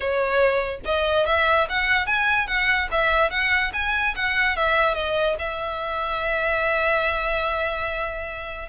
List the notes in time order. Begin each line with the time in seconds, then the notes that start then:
0.00 C#5
0.85 D#5
1.26 E5
1.69 F#5
2.06 G#5
2.47 F#5
2.91 E5
3.30 F#5
3.73 G#5
4.15 F#5
4.56 E5
4.94 D#5
5.38 E5